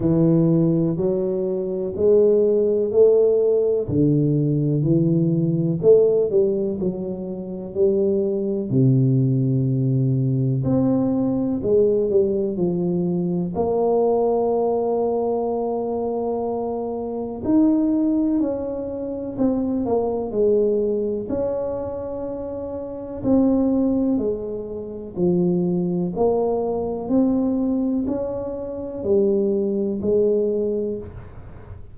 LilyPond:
\new Staff \with { instrumentName = "tuba" } { \time 4/4 \tempo 4 = 62 e4 fis4 gis4 a4 | d4 e4 a8 g8 fis4 | g4 c2 c'4 | gis8 g8 f4 ais2~ |
ais2 dis'4 cis'4 | c'8 ais8 gis4 cis'2 | c'4 gis4 f4 ais4 | c'4 cis'4 g4 gis4 | }